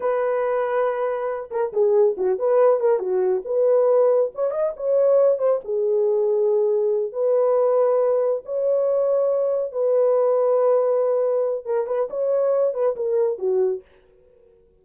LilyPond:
\new Staff \with { instrumentName = "horn" } { \time 4/4 \tempo 4 = 139 b'2.~ b'8 ais'8 | gis'4 fis'8 b'4 ais'8 fis'4 | b'2 cis''8 dis''8 cis''4~ | cis''8 c''8 gis'2.~ |
gis'8 b'2. cis''8~ | cis''2~ cis''8 b'4.~ | b'2. ais'8 b'8 | cis''4. b'8 ais'4 fis'4 | }